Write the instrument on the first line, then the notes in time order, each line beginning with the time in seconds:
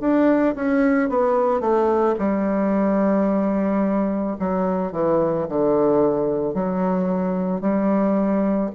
bassoon
0.00 D4
0.55 C#4
1.09 B3
1.60 A3
2.18 G3
4.39 F#3
4.91 E3
5.48 D3
6.54 F#3
7.60 G3